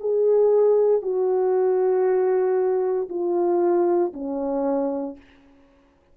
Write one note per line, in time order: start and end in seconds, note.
0.00 1.02 G#4
1.02 3.08 F#4
3.09 4.12 F4
4.13 5.16 C#4